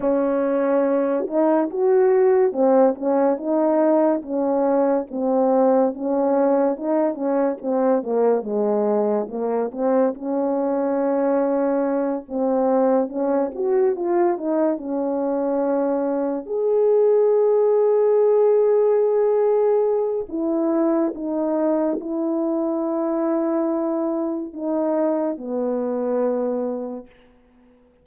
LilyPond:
\new Staff \with { instrumentName = "horn" } { \time 4/4 \tempo 4 = 71 cis'4. dis'8 fis'4 c'8 cis'8 | dis'4 cis'4 c'4 cis'4 | dis'8 cis'8 c'8 ais8 gis4 ais8 c'8 | cis'2~ cis'8 c'4 cis'8 |
fis'8 f'8 dis'8 cis'2 gis'8~ | gis'1 | e'4 dis'4 e'2~ | e'4 dis'4 b2 | }